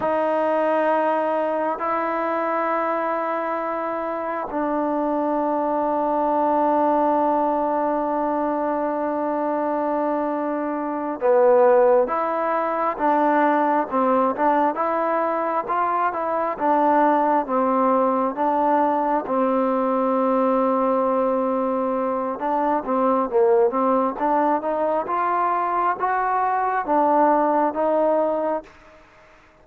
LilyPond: \new Staff \with { instrumentName = "trombone" } { \time 4/4 \tempo 4 = 67 dis'2 e'2~ | e'4 d'2.~ | d'1~ | d'8 b4 e'4 d'4 c'8 |
d'8 e'4 f'8 e'8 d'4 c'8~ | c'8 d'4 c'2~ c'8~ | c'4 d'8 c'8 ais8 c'8 d'8 dis'8 | f'4 fis'4 d'4 dis'4 | }